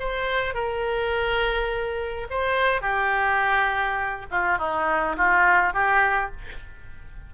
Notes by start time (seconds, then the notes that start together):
0.00 C5
0.55 A#4
2.30 C5
2.82 G4
4.31 F4
4.59 D#4
5.17 F4
5.74 G4